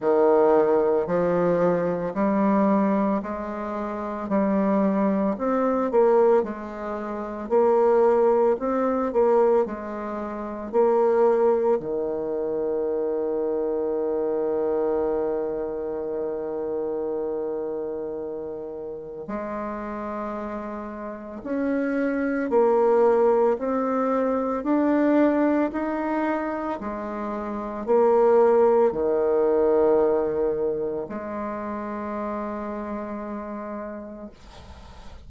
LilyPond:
\new Staff \with { instrumentName = "bassoon" } { \time 4/4 \tempo 4 = 56 dis4 f4 g4 gis4 | g4 c'8 ais8 gis4 ais4 | c'8 ais8 gis4 ais4 dis4~ | dis1~ |
dis2 gis2 | cis'4 ais4 c'4 d'4 | dis'4 gis4 ais4 dis4~ | dis4 gis2. | }